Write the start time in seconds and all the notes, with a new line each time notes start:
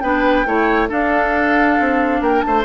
0.00 B3 D4 B4 G5
0.46 A3 E4 C#5
0.89 D4 A4 F5
1.80 C4
2.21 A#3 A#4 G5
2.41 A3 C5 A5